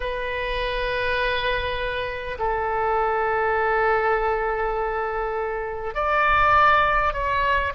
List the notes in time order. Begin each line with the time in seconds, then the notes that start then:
0.00 B4
2.38 A4
5.94 D5
7.13 C#5